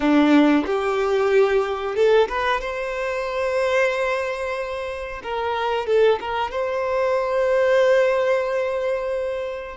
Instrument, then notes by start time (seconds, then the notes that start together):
violin
0.00 D4
0.66 G4
1.95 A4
2.28 B4
2.61 C5
5.23 A#4
5.86 A4
6.20 A#4
6.51 C5